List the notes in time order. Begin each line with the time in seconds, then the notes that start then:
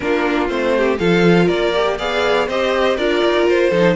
0.00 A#3 D4 F4 A#4
0.48 A3 C4 C5
0.77 G4
0.98 F3 F4 A4 F5
1.45 A#3 A#4 D5
1.74 G4
1.97 B3 G#4 D5 F5
2.47 C4 G4 C5 D#5
2.96 D4 F4 A#4 D5
3.24 D#4
3.47 F4 C5
3.69 F3 D#4 A4